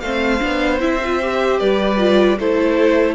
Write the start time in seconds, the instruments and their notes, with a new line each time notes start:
0.00 cello A3, viola C4, violin C5 F5
0.40 cello B3, viola D4
0.80 cello C4, viola E4, violin E5
1.04 viola F4
1.22 viola G4
1.59 cello G3, violin B4 D5
1.98 viola F4
2.38 cello A3, viola E4, violin A4 C5